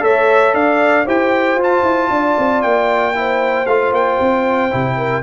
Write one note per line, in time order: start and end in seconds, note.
0.00 0.53 A3
0.00 1.04 A4
0.00 0.54 C#5
0.00 0.54 E5
0.53 1.06 D4
0.53 1.05 D5
0.53 1.06 F5
1.05 1.55 E4
1.05 1.58 G4
1.05 2.09 C5
1.05 1.61 G5
1.55 1.81 F4
1.55 3.14 F4
1.63 2.62 A5
1.82 2.08 E4
2.09 2.35 D4
2.09 3.17 D5
2.38 2.63 C4
2.62 3.67 A#3
2.62 3.66 G5
3.14 3.66 E4
3.14 4.97 C5
3.66 3.92 A3
3.66 4.70 F4
3.66 3.92 F5
3.92 4.18 A#3
3.92 5.23 G5
4.20 4.72 C4
4.70 5.23 C3
4.70 5.22 E4
4.97 5.23 A#4